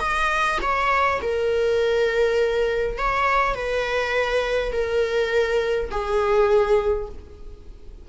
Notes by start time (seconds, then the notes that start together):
0.00 D#5
0.62 C#5
1.22 A#4
2.98 C#5
3.55 B4
4.72 A#4
5.91 G#4